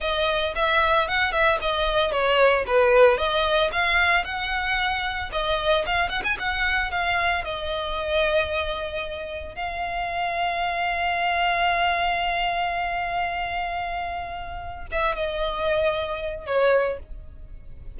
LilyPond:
\new Staff \with { instrumentName = "violin" } { \time 4/4 \tempo 4 = 113 dis''4 e''4 fis''8 e''8 dis''4 | cis''4 b'4 dis''4 f''4 | fis''2 dis''4 f''8 fis''16 gis''16 | fis''4 f''4 dis''2~ |
dis''2 f''2~ | f''1~ | f''1 | e''8 dis''2~ dis''8 cis''4 | }